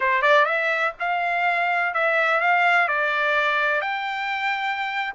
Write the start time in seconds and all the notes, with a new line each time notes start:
0.00 C5
0.22 D5
0.45 E5
0.99 F5
1.94 E5
2.40 F5
2.88 D5
3.81 G5